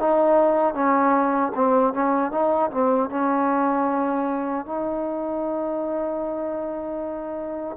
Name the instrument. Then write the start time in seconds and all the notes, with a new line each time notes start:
trombone
0.00 D#4
0.74 C#4
1.55 C4
1.94 C#4
2.32 D#4
2.72 C4
3.10 C#4
4.66 D#4